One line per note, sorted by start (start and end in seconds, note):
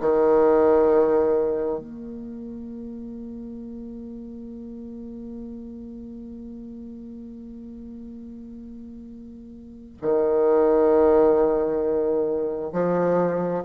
0.00 1.79 D#3
1.79 9.97 A#3
10.02 12.73 D#3
12.73 13.64 F3